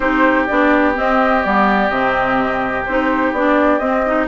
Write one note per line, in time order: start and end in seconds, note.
0.00 0.47 C4
0.00 0.48 D#4
0.00 4.27 G4
0.00 0.45 C5
0.46 0.97 B3
0.46 0.94 D4
0.46 0.94 D5
0.94 1.42 C4
0.94 1.45 C4
0.94 1.43 D#5
1.43 1.89 G3
1.43 1.91 B3
1.43 1.89 D5
1.89 2.84 C3
1.89 2.86 C4
1.89 2.85 D#5
2.85 3.32 C4
2.85 3.35 D#4
2.85 3.32 C5
3.32 3.79 B3
3.32 3.80 D4
3.32 3.79 D5
3.79 4.27 C4
3.79 4.04 C4
3.79 4.26 D#5
4.06 4.27 D#4